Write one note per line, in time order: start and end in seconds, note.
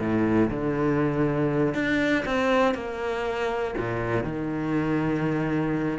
0.00 0.50 A2
0.51 1.75 D3
1.75 2.25 D4
2.25 2.75 C4
2.75 3.75 A#3
3.78 4.24 A#2
4.24 5.99 D#3